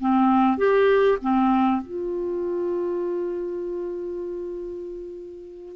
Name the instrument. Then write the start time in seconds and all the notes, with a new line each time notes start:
clarinet
0.00 C4
0.58 G4
1.22 C4
1.82 F4